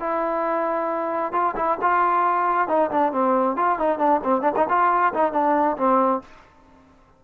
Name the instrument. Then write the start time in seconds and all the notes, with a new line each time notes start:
trombone
0.00 E4
1.33 F4
1.56 E4
1.82 F4
2.68 D#4
2.91 D4
3.13 C4
3.57 F4
3.79 D#4
3.99 D4
4.24 C4
4.42 D4
4.57 D#4
4.69 F4
5.14 D#4
5.33 D4
5.77 C4